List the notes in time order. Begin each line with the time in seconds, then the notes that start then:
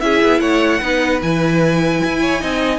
0.00 C#4 E4 G#4 E5
0.23 B3
0.40 A3 C#5 F#5
0.80 B3 D#4 B4
1.22 E3 E4 G#5
2.04 E4
2.21 C#5
2.39 C4 D#4 D#5